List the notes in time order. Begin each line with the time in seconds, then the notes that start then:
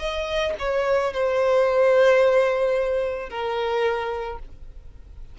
0.00 D#5
0.59 C#5
1.14 C5
3.30 A#4